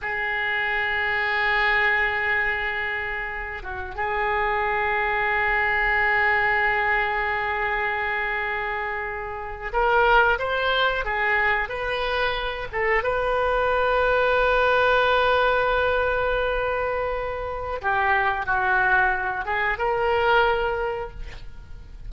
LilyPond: \new Staff \with { instrumentName = "oboe" } { \time 4/4 \tempo 4 = 91 gis'1~ | gis'4. fis'8 gis'2~ | gis'1~ | gis'2~ gis'8. ais'4 c''16~ |
c''8. gis'4 b'4. a'8 b'16~ | b'1~ | b'2. g'4 | fis'4. gis'8 ais'2 | }